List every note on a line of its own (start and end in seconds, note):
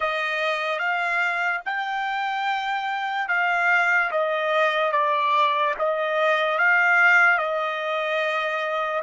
0.00 0.78 D#5
0.78 1.60 F5
1.65 3.28 G5
3.28 4.10 F5
4.11 4.92 D#5
4.92 5.74 D5
5.79 6.58 D#5
6.58 7.37 F5
7.37 9.02 D#5